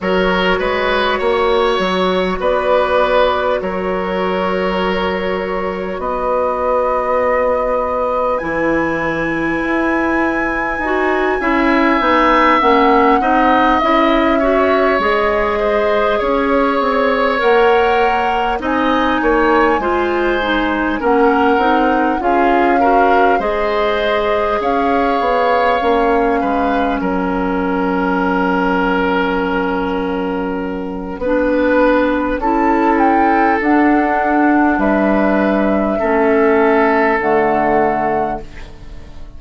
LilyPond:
<<
  \new Staff \with { instrumentName = "flute" } { \time 4/4 \tempo 4 = 50 cis''2 d''4 cis''4~ | cis''4 dis''2 gis''4~ | gis''2~ gis''8 fis''4 e''8~ | e''8 dis''4 cis''4 fis''4 gis''8~ |
gis''4. fis''4 f''4 dis''8~ | dis''8 f''2 fis''4.~ | fis''2. a''8 g''8 | fis''4 e''2 fis''4 | }
  \new Staff \with { instrumentName = "oboe" } { \time 4/4 ais'8 b'8 cis''4 b'4 ais'4~ | ais'4 b'2.~ | b'4. e''4. dis''4 | cis''4 c''8 cis''2 dis''8 |
cis''8 c''4 ais'4 gis'8 ais'8 c''8~ | c''8 cis''4. b'8 ais'4.~ | ais'2 b'4 a'4~ | a'4 b'4 a'2 | }
  \new Staff \with { instrumentName = "clarinet" } { \time 4/4 fis'1~ | fis'2. e'4~ | e'4 fis'8 e'8 dis'8 cis'8 dis'8 e'8 | fis'8 gis'2 ais'4 dis'8~ |
dis'8 f'8 dis'8 cis'8 dis'8 f'8 fis'8 gis'8~ | gis'4. cis'2~ cis'8~ | cis'2 d'4 e'4 | d'2 cis'4 a4 | }
  \new Staff \with { instrumentName = "bassoon" } { \time 4/4 fis8 gis8 ais8 fis8 b4 fis4~ | fis4 b2 e4 | e'4 dis'8 cis'8 b8 ais8 c'8 cis'8~ | cis'8 gis4 cis'8 c'8 ais4 c'8 |
ais8 gis4 ais8 c'8 cis'4 gis8~ | gis8 cis'8 b8 ais8 gis8 fis4.~ | fis2 b4 cis'4 | d'4 g4 a4 d4 | }
>>